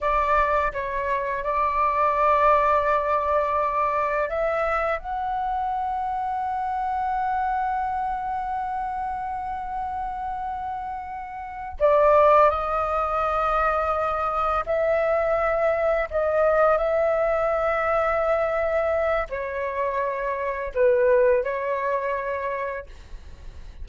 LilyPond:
\new Staff \with { instrumentName = "flute" } { \time 4/4 \tempo 4 = 84 d''4 cis''4 d''2~ | d''2 e''4 fis''4~ | fis''1~ | fis''1~ |
fis''8 d''4 dis''2~ dis''8~ | dis''8 e''2 dis''4 e''8~ | e''2. cis''4~ | cis''4 b'4 cis''2 | }